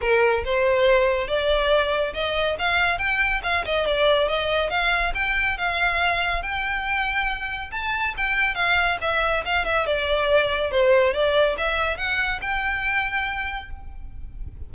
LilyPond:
\new Staff \with { instrumentName = "violin" } { \time 4/4 \tempo 4 = 140 ais'4 c''2 d''4~ | d''4 dis''4 f''4 g''4 | f''8 dis''8 d''4 dis''4 f''4 | g''4 f''2 g''4~ |
g''2 a''4 g''4 | f''4 e''4 f''8 e''8 d''4~ | d''4 c''4 d''4 e''4 | fis''4 g''2. | }